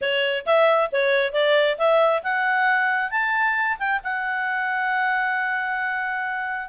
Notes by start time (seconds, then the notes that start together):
0.01 C#5
0.45 E5
0.92 C#5
1.33 D5
1.78 E5
2.23 F#5
3.11 A5
3.78 G5
4.03 F#5